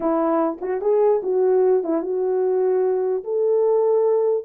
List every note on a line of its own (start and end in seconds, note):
0.00 0.58 E4
0.61 0.81 F#4
0.81 1.21 G#4
1.22 1.83 F#4
1.83 2.02 E4
2.02 3.23 F#4
3.24 4.44 A4